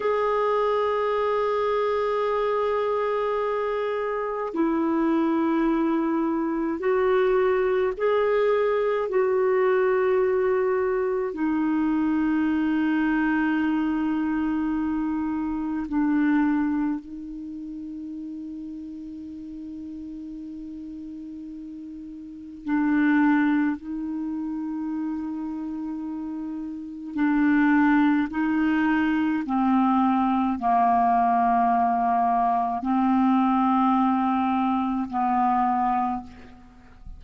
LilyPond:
\new Staff \with { instrumentName = "clarinet" } { \time 4/4 \tempo 4 = 53 gis'1 | e'2 fis'4 gis'4 | fis'2 dis'2~ | dis'2 d'4 dis'4~ |
dis'1 | d'4 dis'2. | d'4 dis'4 c'4 ais4~ | ais4 c'2 b4 | }